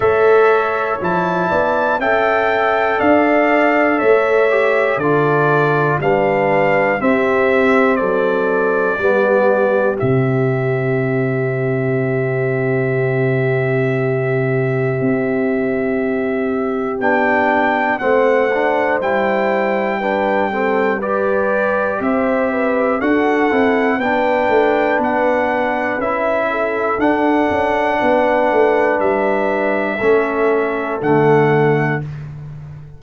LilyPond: <<
  \new Staff \with { instrumentName = "trumpet" } { \time 4/4 \tempo 4 = 60 e''4 a''4 g''4 f''4 | e''4 d''4 f''4 e''4 | d''2 e''2~ | e''1~ |
e''4 g''4 fis''4 g''4~ | g''4 d''4 e''4 fis''4 | g''4 fis''4 e''4 fis''4~ | fis''4 e''2 fis''4 | }
  \new Staff \with { instrumentName = "horn" } { \time 4/4 cis''4. d''8 e''4 d''4 | cis''4 a'4 b'4 g'4 | a'4 g'2.~ | g'1~ |
g'2 c''2 | b'8 a'8 b'4 c''8 b'8 a'4 | b'2~ b'8 a'4. | b'2 a'2 | }
  \new Staff \with { instrumentName = "trombone" } { \time 4/4 a'4 e'4 a'2~ | a'8 g'8 f'4 d'4 c'4~ | c'4 b4 c'2~ | c'1~ |
c'4 d'4 c'8 d'8 e'4 | d'8 c'8 g'2 fis'8 e'8 | d'2 e'4 d'4~ | d'2 cis'4 a4 | }
  \new Staff \with { instrumentName = "tuba" } { \time 4/4 a4 f8 b8 cis'4 d'4 | a4 d4 g4 c'4 | fis4 g4 c2~ | c2. c'4~ |
c'4 b4 a4 g4~ | g2 c'4 d'8 c'8 | b8 a8 b4 cis'4 d'8 cis'8 | b8 a8 g4 a4 d4 | }
>>